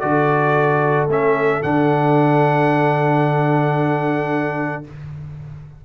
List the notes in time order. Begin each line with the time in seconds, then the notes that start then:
0.00 D3 F#4 A4 D5
1.08 A3 C#4 E5
1.62 D3 D4 F#5